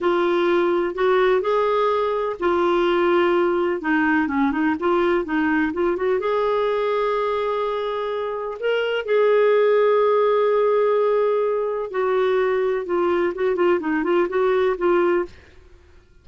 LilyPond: \new Staff \with { instrumentName = "clarinet" } { \time 4/4 \tempo 4 = 126 f'2 fis'4 gis'4~ | gis'4 f'2. | dis'4 cis'8 dis'8 f'4 dis'4 | f'8 fis'8 gis'2.~ |
gis'2 ais'4 gis'4~ | gis'1~ | gis'4 fis'2 f'4 | fis'8 f'8 dis'8 f'8 fis'4 f'4 | }